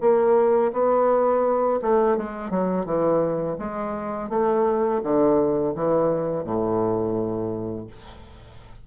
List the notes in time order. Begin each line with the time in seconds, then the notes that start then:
0.00 A#3
0.72 B3
1.81 A3
2.17 G#3
2.50 F#3
2.85 E3
3.58 G#3
4.29 A3
5.03 D3
5.74 E3
6.44 A2